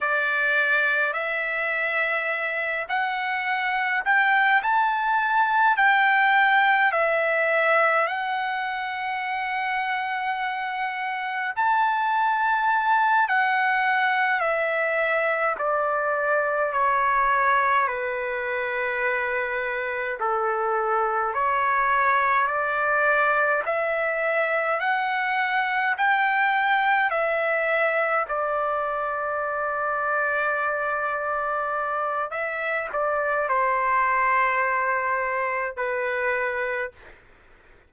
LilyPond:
\new Staff \with { instrumentName = "trumpet" } { \time 4/4 \tempo 4 = 52 d''4 e''4. fis''4 g''8 | a''4 g''4 e''4 fis''4~ | fis''2 a''4. fis''8~ | fis''8 e''4 d''4 cis''4 b'8~ |
b'4. a'4 cis''4 d''8~ | d''8 e''4 fis''4 g''4 e''8~ | e''8 d''2.~ d''8 | e''8 d''8 c''2 b'4 | }